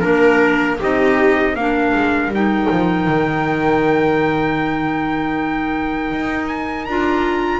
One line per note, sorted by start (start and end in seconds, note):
0.00 0.80 A#3
0.00 0.77 D4
0.00 0.76 A#4
0.00 0.78 A#4
0.78 1.54 C4
0.78 1.57 D#4
0.78 1.53 G4
0.78 1.55 D#5
1.53 1.92 A#3
1.53 2.32 D4
1.53 7.59 A#4
1.53 2.31 F5
1.94 2.28 G#3
2.28 2.66 G3
2.28 6.87 D#4
2.34 6.47 G5
2.71 3.07 F3
3.07 6.11 D#3
6.11 6.87 D#4
6.47 6.85 G#5
6.85 7.59 D4
6.85 7.59 F4
6.85 7.59 A#5